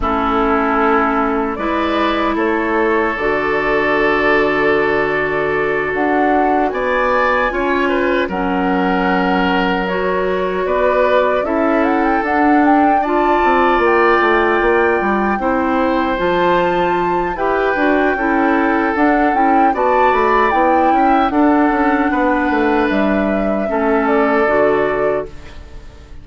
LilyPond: <<
  \new Staff \with { instrumentName = "flute" } { \time 4/4 \tempo 4 = 76 a'2 d''4 cis''4 | d''2.~ d''8 fis''8~ | fis''8 gis''2 fis''4.~ | fis''8 cis''4 d''4 e''8 fis''16 g''16 fis''8 |
g''8 a''4 g''2~ g''8~ | g''8 a''4. g''2 | fis''8 g''8 a''8 b''8 g''4 fis''4~ | fis''4 e''4. d''4. | }
  \new Staff \with { instrumentName = "oboe" } { \time 4/4 e'2 b'4 a'4~ | a'1~ | a'8 d''4 cis''8 b'8 ais'4.~ | ais'4. b'4 a'4.~ |
a'8 d''2. c''8~ | c''2 b'4 a'4~ | a'4 d''4. e''8 a'4 | b'2 a'2 | }
  \new Staff \with { instrumentName = "clarinet" } { \time 4/4 cis'2 e'2 | fis'1~ | fis'4. f'4 cis'4.~ | cis'8 fis'2 e'4 d'8~ |
d'8 f'2. e'8~ | e'8 f'4. g'8 fis'8 e'4 | d'8 e'8 fis'4 e'4 d'4~ | d'2 cis'4 fis'4 | }
  \new Staff \with { instrumentName = "bassoon" } { \time 4/4 a2 gis4 a4 | d2.~ d8 d'8~ | d'8 b4 cis'4 fis4.~ | fis4. b4 cis'4 d'8~ |
d'4 c'8 ais8 a8 ais8 g8 c'8~ | c'8 f4. e'8 d'8 cis'4 | d'8 cis'8 b8 a8 b8 cis'8 d'8 cis'8 | b8 a8 g4 a4 d4 | }
>>